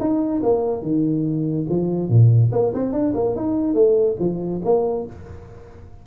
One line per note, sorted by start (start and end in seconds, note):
0.00 0.42 D#4
0.43 0.82 A#3
0.82 1.66 D#3
1.70 2.09 F3
2.09 2.51 A#2
2.53 2.73 A#3
2.74 2.93 C4
2.93 3.14 D4
3.15 3.36 A#3
3.36 3.75 D#4
3.75 4.17 A3
4.20 4.62 F3
4.65 5.07 A#3